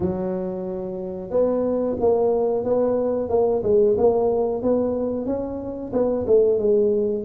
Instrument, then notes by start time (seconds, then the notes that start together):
tuba
0.00 F#3
1.30 B3
2.00 A#3
2.64 B3
3.29 A#3
3.63 G#3
3.97 A#3
4.62 B3
5.26 C#4
5.92 B3
6.26 A3
6.58 G#3